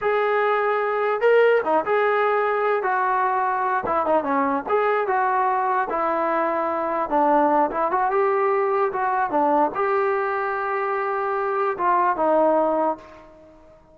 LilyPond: \new Staff \with { instrumentName = "trombone" } { \time 4/4 \tempo 4 = 148 gis'2. ais'4 | dis'8 gis'2~ gis'8 fis'4~ | fis'4. e'8 dis'8 cis'4 gis'8~ | gis'8 fis'2 e'4.~ |
e'4. d'4. e'8 fis'8 | g'2 fis'4 d'4 | g'1~ | g'4 f'4 dis'2 | }